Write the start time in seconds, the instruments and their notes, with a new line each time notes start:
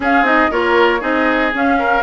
0.00 bassoon C#4, clarinet C#4, oboe G#4, flute F5
0.21 bassoon C4, clarinet D#4, flute D#5
0.50 bassoon A#3, clarinet F4, oboe A#4, flute C#5
1.00 bassoon C4, clarinet D#4, oboe G#4, flute D#5
1.53 bassoon C#4, clarinet C#4, flute F5
1.78 oboe A#4